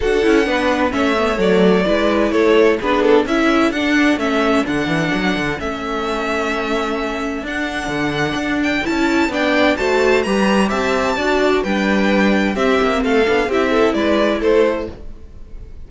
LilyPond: <<
  \new Staff \with { instrumentName = "violin" } { \time 4/4 \tempo 4 = 129 fis''2 e''4 d''4~ | d''4 cis''4 b'8 a'8 e''4 | fis''4 e''4 fis''2 | e''1 |
fis''2~ fis''8 g''8 a''4 | g''4 a''4 ais''4 a''4~ | a''4 g''2 e''4 | f''4 e''4 d''4 c''4 | }
  \new Staff \with { instrumentName = "violin" } { \time 4/4 a'4 b'4 cis''2 | b'4 a'4 gis'4 a'4~ | a'1~ | a'1~ |
a'1 | d''4 c''4 b'4 e''4 | d''4 b'2 g'4 | a'4 g'8 a'8 b'4 a'4 | }
  \new Staff \with { instrumentName = "viola" } { \time 4/4 fis'8 e'8 d'4 cis'8 b8 a4 | e'2 d'4 e'4 | d'4 cis'4 d'2 | cis'1 |
d'2. e'4 | d'4 fis'4 g'2 | fis'4 d'2 c'4~ | c'8 d'8 e'2. | }
  \new Staff \with { instrumentName = "cello" } { \time 4/4 d'8 cis'8 b4 a4 fis4 | gis4 a4 b4 cis'4 | d'4 a4 d8 e8 fis8 d8 | a1 |
d'4 d4 d'4 cis'4 | b4 a4 g4 c'4 | d'4 g2 c'8 ais8 | a8 b8 c'4 gis4 a4 | }
>>